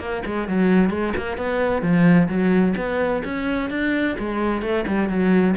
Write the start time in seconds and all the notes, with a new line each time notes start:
0.00 A#3
0.26 G#3
0.48 F#3
0.91 G#3
1.17 A#3
1.37 B3
1.82 F3
2.29 F#3
2.77 B3
3.25 C#4
3.70 D4
4.19 G#3
4.62 A3
4.88 G3
5.09 F#3